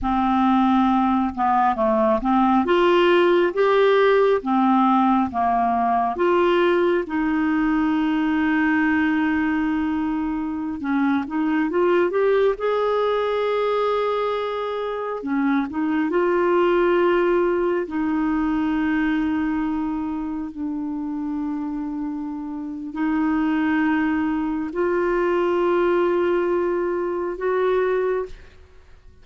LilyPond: \new Staff \with { instrumentName = "clarinet" } { \time 4/4 \tempo 4 = 68 c'4. b8 a8 c'8 f'4 | g'4 c'4 ais4 f'4 | dis'1~ | dis'16 cis'8 dis'8 f'8 g'8 gis'4.~ gis'16~ |
gis'4~ gis'16 cis'8 dis'8 f'4.~ f'16~ | f'16 dis'2. d'8.~ | d'2 dis'2 | f'2. fis'4 | }